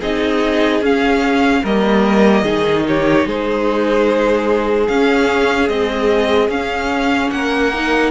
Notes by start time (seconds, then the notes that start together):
0.00 C4 D#4 G#4 D#5
0.81 C#4 F5
1.62 G3 A#3 A#4 D#5
2.43 D#3 D#4 G#4
2.87 G4 C#5
3.26 G#3 G#4 C5
4.88 C#4 F5
5.68 G#3 C4 D#5
6.49 C#4 F5
7.30 A#3 A#4 F#5
7.73 D#4